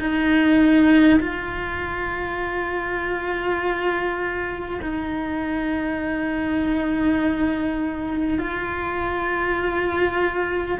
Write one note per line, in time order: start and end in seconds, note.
0.00 1.20 D#4
1.21 4.81 F4
4.82 8.39 D#4
8.39 10.79 F4